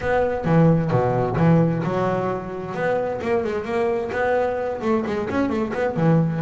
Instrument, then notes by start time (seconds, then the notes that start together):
double bass
0.00 B3
0.45 E3
0.90 B2
1.36 E3
1.83 F#3
2.74 B3
3.21 A#3
3.44 G#3
3.64 A#3
4.12 B3
4.81 A3
5.06 G#3
5.29 C#4
5.49 A3
5.73 B3
5.96 E3